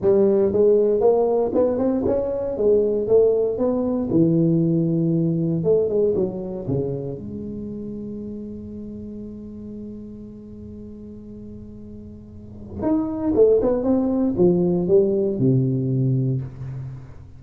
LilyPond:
\new Staff \with { instrumentName = "tuba" } { \time 4/4 \tempo 4 = 117 g4 gis4 ais4 b8 c'8 | cis'4 gis4 a4 b4 | e2. a8 gis8 | fis4 cis4 gis2~ |
gis1~ | gis1~ | gis4 dis'4 a8 b8 c'4 | f4 g4 c2 | }